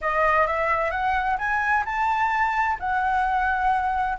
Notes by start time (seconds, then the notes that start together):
0.01 D#5
0.47 E5
0.90 F#5
1.38 G#5
1.85 A5
2.79 F#5